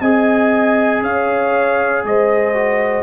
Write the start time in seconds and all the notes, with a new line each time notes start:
0.00 C4 G#4 D#5 G#5
1.01 C#4 C#5 F5
2.03 G#3 C5 D#5
2.53 F#4